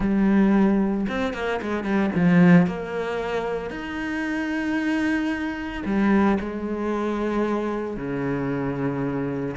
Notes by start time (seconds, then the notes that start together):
0.00 G3
1.08 C4
1.33 A#3
1.61 G#3
1.83 G3
2.15 F3
2.66 A#3
3.70 D#4
5.85 G3
6.40 G#3
7.96 C#3